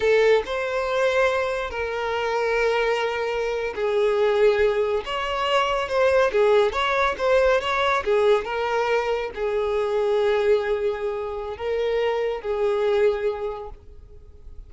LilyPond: \new Staff \with { instrumentName = "violin" } { \time 4/4 \tempo 4 = 140 a'4 c''2. | ais'1~ | ais'8. gis'2. cis''16~ | cis''4.~ cis''16 c''4 gis'4 cis''16~ |
cis''8. c''4 cis''4 gis'4 ais'16~ | ais'4.~ ais'16 gis'2~ gis'16~ | gis'2. ais'4~ | ais'4 gis'2. | }